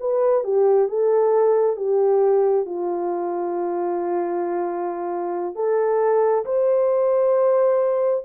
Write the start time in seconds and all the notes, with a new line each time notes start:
0.00 B4
0.44 G4
0.88 A4
1.76 G4
2.65 F4
5.55 A4
6.45 C5